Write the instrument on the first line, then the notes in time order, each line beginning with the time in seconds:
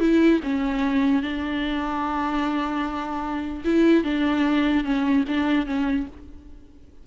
viola
0.00 E4
0.43 C#4
1.22 D4
3.65 E4
4.04 D4
4.84 C#4
5.28 D4
5.67 C#4